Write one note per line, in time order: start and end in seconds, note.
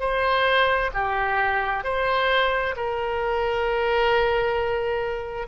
0.00 0.91 C5
0.94 1.84 G4
1.84 2.75 C5
2.76 5.48 A#4